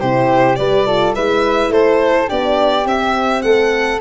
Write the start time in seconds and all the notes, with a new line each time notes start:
0.00 C3 E4 G4 C5
0.56 G3 G4 B4 D5
0.86 F4 A4
1.14 G#3 E4 B4 E5
1.69 A3 A4 C5
2.27 B3 D4 G4 D5
2.85 C4 E5
3.42 A3 A4 F#5